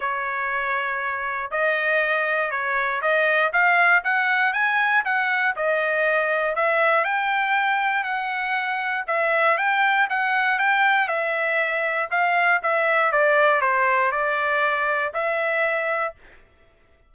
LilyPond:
\new Staff \with { instrumentName = "trumpet" } { \time 4/4 \tempo 4 = 119 cis''2. dis''4~ | dis''4 cis''4 dis''4 f''4 | fis''4 gis''4 fis''4 dis''4~ | dis''4 e''4 g''2 |
fis''2 e''4 g''4 | fis''4 g''4 e''2 | f''4 e''4 d''4 c''4 | d''2 e''2 | }